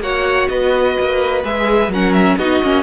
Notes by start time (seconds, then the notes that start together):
0.00 A#3 F#4 C#5 F#5
0.48 B3 B4 D#5
1.00 A#3
1.43 G#3 G#4 E5
1.88 F#3 C#4 A#4 F#5
2.13 E5
2.38 B3 D#4 F#4 D#5
2.63 A#3 C#4